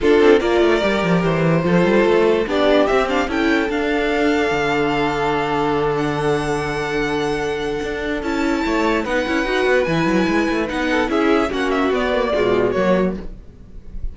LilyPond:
<<
  \new Staff \with { instrumentName = "violin" } { \time 4/4 \tempo 4 = 146 a'4 d''2 c''4~ | c''2 d''4 e''8 f''8 | g''4 f''2.~ | f''2~ f''8 fis''4.~ |
fis''1 | a''2 fis''2 | gis''2 fis''4 e''4 | fis''8 e''8 d''2 cis''4 | }
  \new Staff \with { instrumentName = "violin" } { \time 4/4 f'4 ais'2. | a'2 g'2 | a'1~ | a'1~ |
a'1~ | a'4 cis''4 b'2~ | b'2~ b'8 a'8 gis'4 | fis'2 f'4 fis'4 | }
  \new Staff \with { instrumentName = "viola" } { \time 4/4 d'4 f'4 g'2 | f'2 d'4 c'8 d'8 | e'4 d'2.~ | d'1~ |
d'1 | e'2 dis'8 e'8 fis'4 | e'2 dis'4 e'4 | cis'4 b8 ais8 gis4 ais4 | }
  \new Staff \with { instrumentName = "cello" } { \time 4/4 d'8 c'8 ais8 a8 g8 f8 e4 | f8 g8 a4 b4 c'4 | cis'4 d'2 d4~ | d1~ |
d2. d'4 | cis'4 a4 b8 cis'8 dis'8 b8 | e8 fis8 gis8 a8 b4 cis'4 | ais4 b4 b,4 fis4 | }
>>